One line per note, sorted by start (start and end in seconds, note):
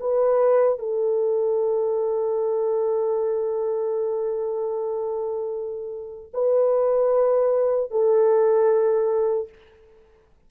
0.00 0.79 B4
0.79 6.32 A4
6.34 7.91 B4
7.91 9.49 A4